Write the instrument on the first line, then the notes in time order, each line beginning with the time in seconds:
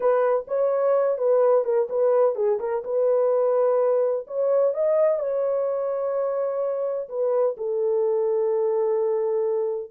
horn
0.00 B4
0.47 C#5
1.18 B4
1.64 A#4
1.89 B4
2.35 G#4
2.59 A#4
2.84 B4
4.27 C#5
4.74 D#5
5.19 C#5
7.08 B4
7.57 A4